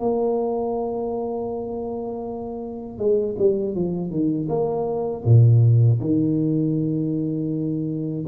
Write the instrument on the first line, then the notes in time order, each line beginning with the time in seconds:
tuba
0.00 A#3
2.99 G#3
3.39 G3
3.75 F3
4.11 D#3
4.49 A#3
5.25 A#2
6.00 D#3